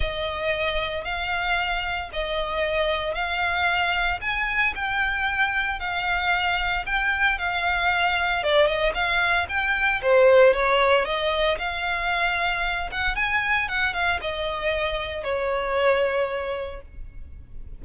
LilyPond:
\new Staff \with { instrumentName = "violin" } { \time 4/4 \tempo 4 = 114 dis''2 f''2 | dis''2 f''2 | gis''4 g''2 f''4~ | f''4 g''4 f''2 |
d''8 dis''8 f''4 g''4 c''4 | cis''4 dis''4 f''2~ | f''8 fis''8 gis''4 fis''8 f''8 dis''4~ | dis''4 cis''2. | }